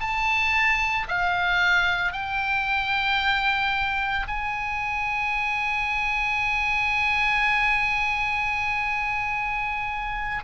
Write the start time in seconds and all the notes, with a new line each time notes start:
0.00 A5
1.08 F5
2.12 G5
4.28 G#5